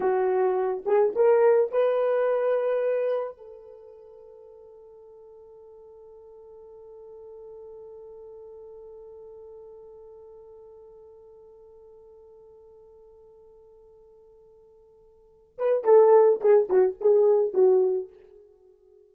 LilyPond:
\new Staff \with { instrumentName = "horn" } { \time 4/4 \tempo 4 = 106 fis'4. gis'8 ais'4 b'4~ | b'2 a'2~ | a'1~ | a'1~ |
a'1~ | a'1~ | a'2.~ a'8 b'8 | a'4 gis'8 fis'8 gis'4 fis'4 | }